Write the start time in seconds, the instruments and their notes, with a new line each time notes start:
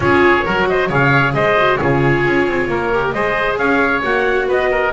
0.00 double bass C#4, viola F4, oboe G#4, trumpet C#5
0.45 double bass F#3, viola F#4, oboe A#4
0.69 oboe C5, trumpet D#5
0.88 double bass C#3, viola G#4, oboe C#5, trumpet F5
1.34 double bass G#3, oboe C5, trumpet D#5
1.57 viola F#4
1.76 double bass C#3, viola F4, oboe G#4, trumpet C#5
2.25 double bass C#4
2.47 double bass C4
2.68 double bass A#3, oboe A#4
2.93 viola G4
3.11 double bass G#3, viola G#4, oboe C5, trumpet D#5
3.57 double bass C#4, oboe C#5, trumpet F5
4.02 double bass A#3, viola F#4, trumpet F#5
4.47 double bass B3, oboe B4, trumpet D#5
4.70 oboe A#4